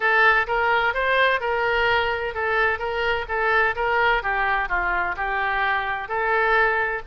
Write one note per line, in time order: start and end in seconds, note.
0.00 0.46 A4
0.47 0.94 A#4
0.94 1.40 C5
1.40 2.34 A#4
2.34 2.78 A4
2.78 3.25 A#4
3.28 3.75 A4
3.75 4.22 A#4
4.23 4.68 G4
4.68 5.15 F4
5.16 6.08 G4
6.08 7.02 A4